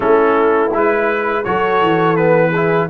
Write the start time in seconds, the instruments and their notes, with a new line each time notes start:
0.00 tuba A3, trombone C#4, horn E4, trumpet A4
0.72 tuba G#3, trombone E4, trumpet B4
1.44 tuba F#3, trombone F#4, horn A4, trumpet C#5
1.81 tuba E3
2.16 trombone B3, trumpet B4
2.50 trombone E4, horn G#4